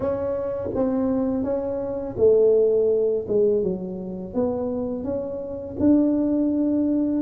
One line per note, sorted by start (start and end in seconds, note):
0.00 0.69 C#4
0.74 1.43 C4
1.43 2.15 C#4
2.17 3.25 A3
3.28 3.63 G#3
3.63 4.33 F#3
4.33 5.04 B3
5.04 5.76 C#4
5.79 7.22 D4